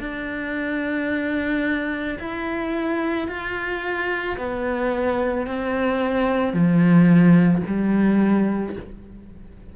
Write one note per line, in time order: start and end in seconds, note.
0.00 2.18 D4
2.20 3.28 E4
3.28 4.37 F4
4.38 5.47 B3
5.47 6.54 C4
6.54 7.63 F3
7.67 8.76 G3